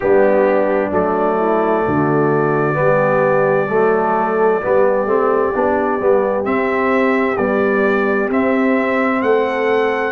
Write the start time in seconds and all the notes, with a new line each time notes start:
0.00 G3 B3 D4 G4
0.91 F#3 A3 D5
1.37 E4
1.86 D3 F#4
2.73 G3 B3 G4
3.69 F#3 A3 A4
4.61 G3 B3 G4
5.05 A3 C4
5.54 B3 D4
6.00 G3 B3
6.44 C4 E5
7.36 G3 B3 D5
8.30 C4 E5
9.22 A3 A4 F#5